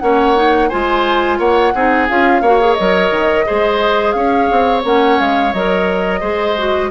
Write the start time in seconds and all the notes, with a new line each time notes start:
0.00 A#3 C#4 C#5 F#5
0.36 D#4
0.69 G#3 F4 C5 G#5
1.39 A#3 C#5 F#5
1.75 C4 D#4 G#4
2.09 C#4 F4 F5
2.42 A#3 F#4 C#5
2.61 G#4
2.74 A#4 D#5
2.80 F#3
3.11 D#3
3.46 G#3 G#4 C5
4.12 C#4 C#5 F5
4.52 C4
4.84 A#3 C#4 F#5
5.20 G#3 F5
5.54 F#3 A#4 D#5
6.21 G#3 G#4 C5
6.58 F#4